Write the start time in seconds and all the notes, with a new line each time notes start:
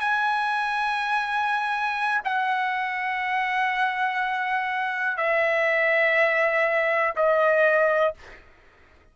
0.00 G#5
2.24 F#5
5.17 E5
7.16 D#5